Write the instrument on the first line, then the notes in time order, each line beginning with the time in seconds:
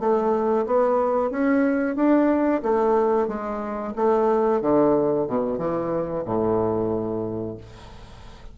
bassoon
0.00 A3
0.67 B3
1.31 C#4
1.96 D4
2.63 A3
3.28 G#3
3.96 A3
4.62 D3
5.27 B2
5.59 E3
6.25 A2